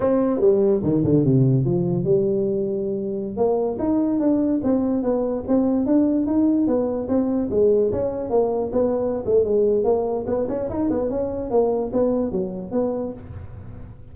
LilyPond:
\new Staff \with { instrumentName = "tuba" } { \time 4/4 \tempo 4 = 146 c'4 g4 dis8 d8 c4 | f4 g2.~ | g16 ais4 dis'4 d'4 c'8.~ | c'16 b4 c'4 d'4 dis'8.~ |
dis'16 b4 c'4 gis4 cis'8.~ | cis'16 ais4 b4~ b16 a8 gis4 | ais4 b8 cis'8 dis'8 b8 cis'4 | ais4 b4 fis4 b4 | }